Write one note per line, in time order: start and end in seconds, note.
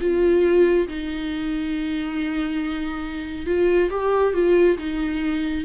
0.00 0.87 F4
0.87 3.46 D#4
3.46 3.89 F4
3.90 4.34 G4
4.34 4.77 F4
4.77 5.64 D#4